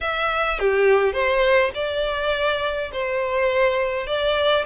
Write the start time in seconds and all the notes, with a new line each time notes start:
0.00 E5
0.59 G4
1.13 C5
1.74 D5
2.92 C5
4.06 D5